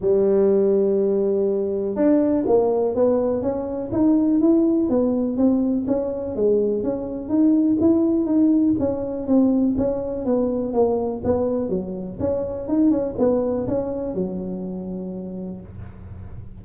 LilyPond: \new Staff \with { instrumentName = "tuba" } { \time 4/4 \tempo 4 = 123 g1 | d'4 ais4 b4 cis'4 | dis'4 e'4 b4 c'4 | cis'4 gis4 cis'4 dis'4 |
e'4 dis'4 cis'4 c'4 | cis'4 b4 ais4 b4 | fis4 cis'4 dis'8 cis'8 b4 | cis'4 fis2. | }